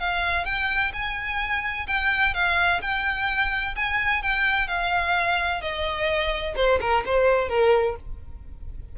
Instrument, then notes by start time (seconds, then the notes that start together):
violin
0.00 F5
0.46 G5
0.94 G#5
1.87 G5
2.35 F5
2.82 G5
3.76 G#5
4.23 G5
4.68 F5
5.62 D#5
6.56 C5
6.81 A#4
7.06 C5
7.49 A#4